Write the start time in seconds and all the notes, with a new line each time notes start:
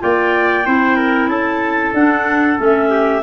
0.00 A#3 F4 D5 G5
0.65 C4 E4 C5
0.97 A#4
1.28 C#4 A4 A5
1.94 D4 F#5
2.57 A3 C#4
2.64 E5
2.90 G4